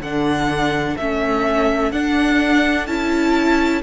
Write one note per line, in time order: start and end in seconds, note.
0.00 0.95 D3
0.00 0.99 D4
0.00 3.83 A4
0.00 0.98 F#5
0.98 1.92 A3
0.98 1.93 C#4
0.98 1.92 E5
1.92 2.87 D4
1.92 2.88 D4
1.92 2.87 F#5
2.87 3.83 C#4
2.87 3.83 E4
2.87 3.82 A5